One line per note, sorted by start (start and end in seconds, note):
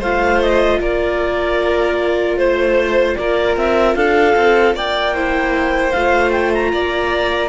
0.00 0.80 A3
0.00 5.15 F4
0.00 0.79 C5
0.00 0.42 F5
0.42 0.81 D#5
0.80 2.37 A#3
0.80 2.38 A#4
0.80 2.38 D5
2.37 3.16 A3
2.37 3.16 C5
2.37 3.17 C5
3.16 3.57 A#3
3.16 3.97 A#4
3.16 3.56 D5
3.57 3.96 C4
3.57 3.96 E5
3.96 4.35 D4
3.96 4.76 A4
3.96 4.75 F5
4.36 4.74 C4
4.74 5.93 A#3
4.74 5.14 D5
4.74 5.92 G5
5.14 5.94 E4
5.14 6.72 C5
5.92 6.73 A3
5.92 7.49 F4
5.92 6.31 F5
6.32 6.51 G5
6.54 7.49 A#5
6.73 7.49 A#3
6.73 7.49 D5